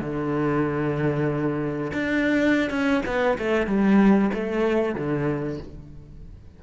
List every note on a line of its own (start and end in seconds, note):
0.00 1.91 D3
1.93 2.70 D4
2.70 3.02 C#4
3.06 3.38 B3
3.38 3.66 A3
3.66 4.30 G3
4.33 4.95 A3
4.95 5.59 D3